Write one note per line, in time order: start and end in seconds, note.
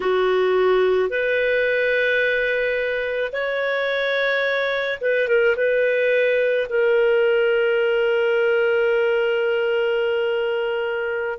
0.00 1.09 F#4
1.09 3.31 B4
3.32 4.98 C#5
5.01 5.28 B4
5.28 5.56 A#4
5.56 6.67 B4
6.69 11.39 A#4